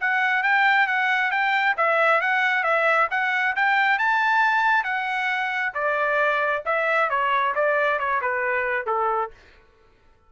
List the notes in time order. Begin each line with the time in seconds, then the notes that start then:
0.00 F#5
0.43 G5
0.87 F#5
1.31 G5
1.77 E5
2.21 F#5
2.63 E5
3.11 F#5
3.56 G5
3.99 A5
4.84 F#5
5.74 D5
6.65 E5
7.10 C#5
7.55 D5
7.99 C#5
8.21 B4
8.86 A4